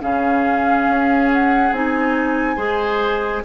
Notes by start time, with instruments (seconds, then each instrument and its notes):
0.00 bassoon C#3, clarinet C#4, oboe G#4, flute F5
0.88 bassoon C#4
1.32 flute F#5
1.72 bassoon C4, clarinet D#4, flute G#5
2.57 bassoon G#3, clarinet G#4, oboe C5